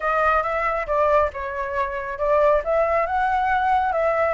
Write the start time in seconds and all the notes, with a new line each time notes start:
0.00 D#5
0.42 E5
0.86 D5
1.33 C#5
2.18 D5
2.64 E5
3.06 F#5
3.92 E5